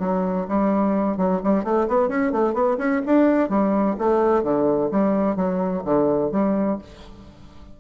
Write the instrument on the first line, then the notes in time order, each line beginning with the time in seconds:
bassoon
0.00 F#3
0.48 G3
1.18 F#3
1.44 G3
1.64 A3
1.88 B3
2.09 C#4
2.32 A3
2.54 B3
2.78 C#4
3.07 D4
3.49 G3
3.99 A3
4.44 D3
4.92 G3
5.36 F#3
5.85 D3
6.32 G3